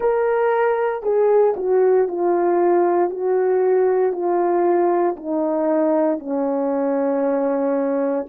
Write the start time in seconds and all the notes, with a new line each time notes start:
0.00 A#4
1.03 G#4
1.56 F#4
2.08 F4
3.09 F#4
4.12 F4
5.16 D#4
6.19 C#4